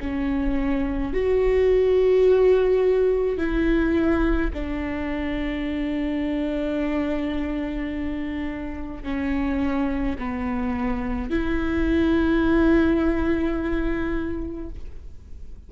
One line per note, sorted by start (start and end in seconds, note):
0.00 1.13 C#4
1.13 3.38 F#4
3.38 4.51 E4
4.53 9.04 D4
9.04 10.17 C#4
10.18 11.30 B3
11.30 14.70 E4